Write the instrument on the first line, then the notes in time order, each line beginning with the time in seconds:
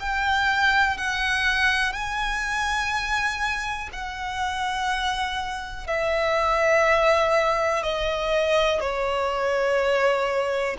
violin
0.00 G5
0.98 F#5
1.93 G#5
3.93 F#5
5.87 E5
7.84 D#5
8.80 C#5